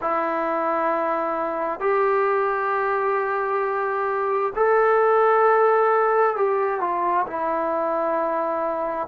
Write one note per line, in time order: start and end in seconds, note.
0.01 1.80 E4
1.80 4.52 G4
4.55 6.36 A4
6.36 6.80 G4
6.80 7.26 F4
7.26 9.07 E4